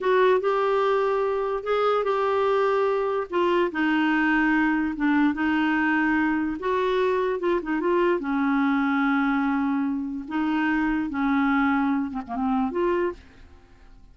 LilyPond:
\new Staff \with { instrumentName = "clarinet" } { \time 4/4 \tempo 4 = 146 fis'4 g'2. | gis'4 g'2. | f'4 dis'2. | d'4 dis'2. |
fis'2 f'8 dis'8 f'4 | cis'1~ | cis'4 dis'2 cis'4~ | cis'4. c'16 ais16 c'4 f'4 | }